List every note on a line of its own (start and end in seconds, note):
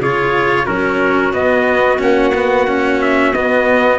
0.00 0.67 C#3
0.00 0.67 F4
0.00 0.65 G#4
0.00 0.66 C#5
0.65 1.33 F#3
0.65 1.33 C#4
0.65 3.98 F#4
0.65 1.32 A#4
1.33 1.98 B3
1.33 2.00 B3
1.33 2.00 D#5
1.98 3.32 A#3
1.98 2.32 C#4
1.98 3.01 F#5
2.34 2.67 B3
2.67 3.33 C#4
3.01 3.33 E5
3.32 3.99 B3
3.32 3.99 D#5